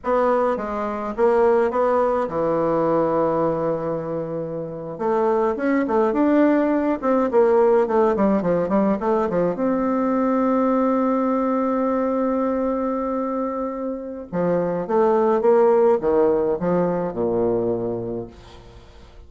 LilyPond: \new Staff \with { instrumentName = "bassoon" } { \time 4/4 \tempo 4 = 105 b4 gis4 ais4 b4 | e1~ | e8. a4 cis'8 a8 d'4~ d'16~ | d'16 c'8 ais4 a8 g8 f8 g8 a16~ |
a16 f8 c'2.~ c'16~ | c'1~ | c'4 f4 a4 ais4 | dis4 f4 ais,2 | }